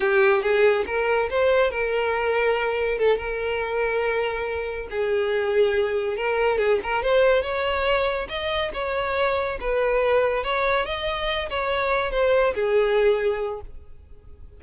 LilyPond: \new Staff \with { instrumentName = "violin" } { \time 4/4 \tempo 4 = 141 g'4 gis'4 ais'4 c''4 | ais'2. a'8 ais'8~ | ais'2.~ ais'8 gis'8~ | gis'2~ gis'8 ais'4 gis'8 |
ais'8 c''4 cis''2 dis''8~ | dis''8 cis''2 b'4.~ | b'8 cis''4 dis''4. cis''4~ | cis''8 c''4 gis'2~ gis'8 | }